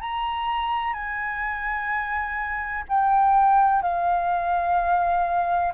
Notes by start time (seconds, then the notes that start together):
0.00 A#5
0.93 G#5
2.88 G5
3.82 F5